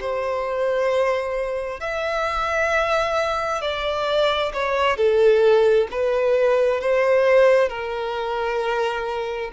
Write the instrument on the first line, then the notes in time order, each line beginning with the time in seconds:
violin
0.00 C5
1.80 E5
3.61 D5
4.53 C#5
4.97 A4
5.91 B4
6.81 C5
7.69 A#4